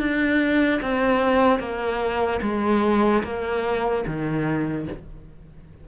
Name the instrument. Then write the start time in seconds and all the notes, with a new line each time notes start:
cello
0.00 D4
0.82 C4
1.60 A#3
2.43 G#3
3.24 A#3
4.07 D#3